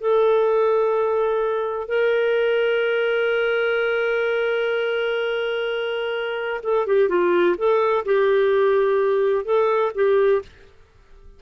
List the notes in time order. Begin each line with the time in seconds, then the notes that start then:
0.00 A4
1.88 A#4
6.63 A4
6.87 G4
7.08 F4
7.57 A4
8.05 G4
9.44 A4
9.94 G4